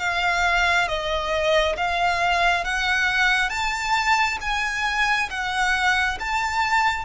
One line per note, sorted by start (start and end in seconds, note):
0.00 0.88 F5
0.88 1.76 D#5
1.77 2.65 F5
2.65 3.50 F#5
3.50 4.38 A5
4.41 5.29 G#5
5.30 6.18 F#5
6.20 7.05 A5